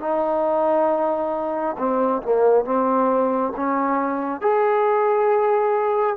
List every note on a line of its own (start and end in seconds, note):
0.00 1.76 D#4
1.78 2.23 C4
2.23 2.65 A#3
2.65 3.53 C4
3.56 4.42 C#4
4.42 6.17 G#4